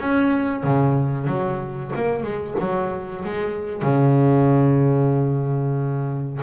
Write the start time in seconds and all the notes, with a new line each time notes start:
0.00 C#4
0.64 C#3
1.27 F#3
1.96 A#3
2.23 G#3
2.60 F#3
3.25 G#3
3.83 C#3